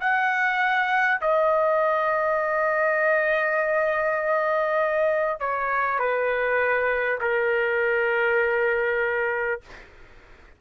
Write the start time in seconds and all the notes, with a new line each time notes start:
0.00 F#5
1.21 D#5
5.40 C#5
5.99 B4
7.21 A#4